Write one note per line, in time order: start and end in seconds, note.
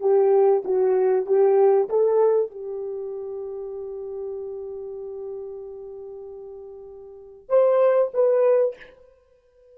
0.00 0.62 G4
0.64 1.26 F#4
1.26 1.88 G4
1.89 2.50 A4
2.50 7.49 G4
7.49 8.11 C5
8.13 8.76 B4